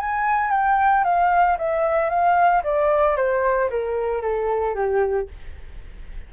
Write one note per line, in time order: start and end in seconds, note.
0.00 0.51 G#5
0.51 1.04 G5
1.04 1.57 F5
1.58 2.09 E5
2.09 2.62 F5
2.63 3.16 D5
3.16 3.69 C5
3.70 4.22 A#4
4.22 4.74 A4
4.74 5.28 G4